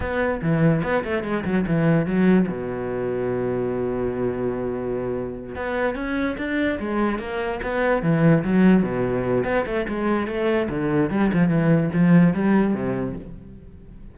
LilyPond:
\new Staff \with { instrumentName = "cello" } { \time 4/4 \tempo 4 = 146 b4 e4 b8 a8 gis8 fis8 | e4 fis4 b,2~ | b,1~ | b,4. b4 cis'4 d'8~ |
d'8 gis4 ais4 b4 e8~ | e8 fis4 b,4. b8 a8 | gis4 a4 d4 g8 f8 | e4 f4 g4 c4 | }